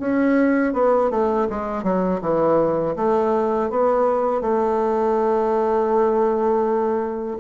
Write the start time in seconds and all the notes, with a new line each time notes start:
0.00 C#4
0.73 B3
1.11 A3
1.49 G#3
1.84 F#3
2.22 E3
2.96 A3
3.70 B3
4.41 A3